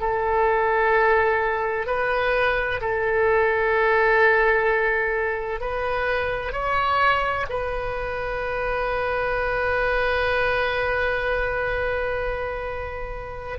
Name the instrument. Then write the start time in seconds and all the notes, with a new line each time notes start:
oboe
0.00 A4
1.87 B4
2.81 A4
5.61 B4
6.52 C#5
7.50 B4